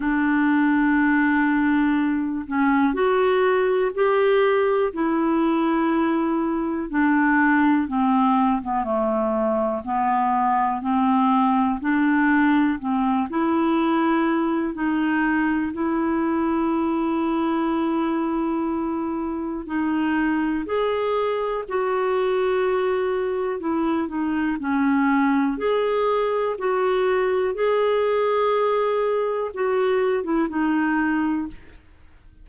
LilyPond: \new Staff \with { instrumentName = "clarinet" } { \time 4/4 \tempo 4 = 61 d'2~ d'8 cis'8 fis'4 | g'4 e'2 d'4 | c'8. b16 a4 b4 c'4 | d'4 c'8 e'4. dis'4 |
e'1 | dis'4 gis'4 fis'2 | e'8 dis'8 cis'4 gis'4 fis'4 | gis'2 fis'8. e'16 dis'4 | }